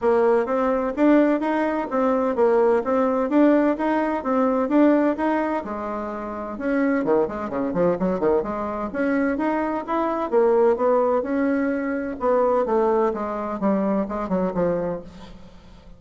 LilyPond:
\new Staff \with { instrumentName = "bassoon" } { \time 4/4 \tempo 4 = 128 ais4 c'4 d'4 dis'4 | c'4 ais4 c'4 d'4 | dis'4 c'4 d'4 dis'4 | gis2 cis'4 dis8 gis8 |
cis8 f8 fis8 dis8 gis4 cis'4 | dis'4 e'4 ais4 b4 | cis'2 b4 a4 | gis4 g4 gis8 fis8 f4 | }